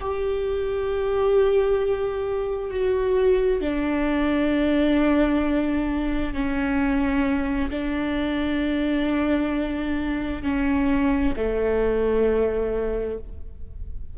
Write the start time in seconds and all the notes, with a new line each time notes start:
0.00 G4
2.71 F#4
3.61 D4
6.33 C#4
7.70 D4
10.43 C#4
11.36 A3